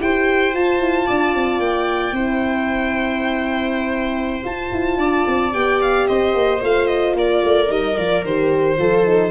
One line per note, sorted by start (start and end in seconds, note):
0.00 0.53 E4
0.00 0.54 G4
0.00 1.06 C5
0.00 0.55 G5
0.53 0.78 F4
0.53 2.15 F4
0.53 1.59 A5
0.78 1.05 E4
1.06 1.34 D4
1.06 2.14 D5
1.34 1.59 C4
1.59 2.11 A#3
1.59 4.43 G5
2.11 4.41 C4
2.11 4.44 E4
2.11 4.98 C5
4.44 4.71 F4
4.44 5.52 F4
4.44 5.53 A5
4.72 4.97 E4
4.97 5.24 D4
4.97 6.06 D5
5.26 5.53 C4
5.52 6.08 B3
5.52 6.60 G4
5.52 5.80 G5
5.81 6.07 F5
6.07 6.33 C4
6.07 7.16 C5
6.07 6.61 D#5
6.33 6.60 A#3
6.60 7.14 A3
6.60 7.67 F4
6.60 6.86 F5
6.86 7.14 D#5
7.14 7.41 A#3
7.14 8.79 A#4
7.14 7.71 D5
7.44 7.69 A3
7.67 7.96 G3
7.67 7.94 D#4
7.67 7.97 D#5
7.97 8.24 F3
7.97 8.24 F4
7.97 8.24 D5
8.24 8.78 D#3
8.24 8.77 G4
8.24 9.30 C5
8.77 9.30 F3
8.77 9.04 F4
8.77 9.30 A4
9.05 9.30 D#4